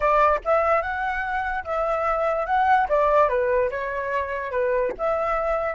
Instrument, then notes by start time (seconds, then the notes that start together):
flute
0.00 D5
0.44 E5
0.81 F#5
1.64 E5
2.46 F#5
2.88 D5
3.29 B4
3.70 C#5
4.51 B4
4.98 E5